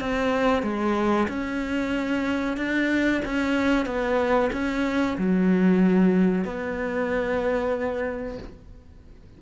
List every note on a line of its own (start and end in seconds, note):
0.00 0.62 C4
0.62 1.27 G#3
1.28 2.57 C#4
2.57 3.21 D4
3.25 3.85 C#4
3.85 4.50 B3
4.52 5.17 C#4
5.18 6.44 F#3
6.44 8.38 B3